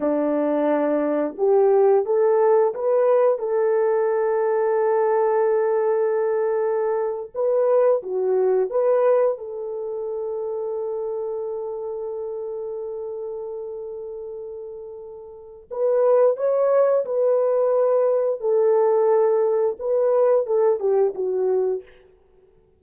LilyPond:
\new Staff \with { instrumentName = "horn" } { \time 4/4 \tempo 4 = 88 d'2 g'4 a'4 | b'4 a'2.~ | a'2~ a'8. b'4 fis'16~ | fis'8. b'4 a'2~ a'16~ |
a'1~ | a'2. b'4 | cis''4 b'2 a'4~ | a'4 b'4 a'8 g'8 fis'4 | }